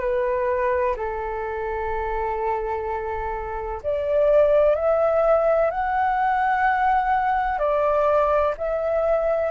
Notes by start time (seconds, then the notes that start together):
0.00 B4
0.96 A4
3.83 D5
4.75 E5
5.71 F#5
7.59 D5
8.57 E5